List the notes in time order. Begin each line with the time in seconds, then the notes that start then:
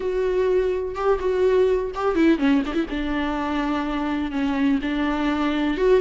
0.00 F#4
0.95 G4
1.19 F#4
1.94 G4
2.15 E4
2.38 C#4
2.66 D4
2.74 E4
2.89 D4
4.31 C#4
4.82 D4
5.77 F#4